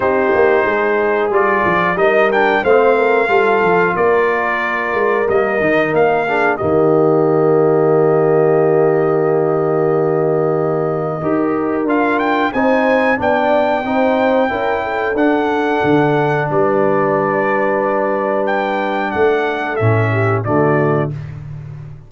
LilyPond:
<<
  \new Staff \with { instrumentName = "trumpet" } { \time 4/4 \tempo 4 = 91 c''2 d''4 dis''8 g''8 | f''2 d''2 | dis''4 f''4 dis''2~ | dis''1~ |
dis''2 f''8 g''8 gis''4 | g''2. fis''4~ | fis''4 d''2. | g''4 fis''4 e''4 d''4 | }
  \new Staff \with { instrumentName = "horn" } { \time 4/4 g'4 gis'2 ais'4 | c''8 ais'8 a'4 ais'2~ | ais'4. gis'8 g'2~ | g'1~ |
g'4 ais'2 c''4 | d''4 c''4 ais'8 a'4.~ | a'4 b'2.~ | b'4 a'4. g'8 fis'4 | }
  \new Staff \with { instrumentName = "trombone" } { \time 4/4 dis'2 f'4 dis'8 d'8 | c'4 f'2. | ais8 dis'4 d'8 ais2~ | ais1~ |
ais4 g'4 f'4 dis'4 | d'4 dis'4 e'4 d'4~ | d'1~ | d'2 cis'4 a4 | }
  \new Staff \with { instrumentName = "tuba" } { \time 4/4 c'8 ais8 gis4 g8 f8 g4 | a4 g8 f8 ais4. gis8 | g8 dis8 ais4 dis2~ | dis1~ |
dis4 dis'4 d'4 c'4 | b4 c'4 cis'4 d'4 | d4 g2.~ | g4 a4 a,4 d4 | }
>>